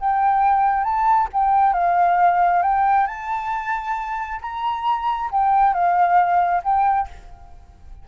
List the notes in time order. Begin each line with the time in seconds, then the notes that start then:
0.00 G5
0.84 A5
1.33 G5
1.74 F5
2.63 G5
3.07 A5
4.42 A#5
5.32 G5
5.74 F5
6.64 G5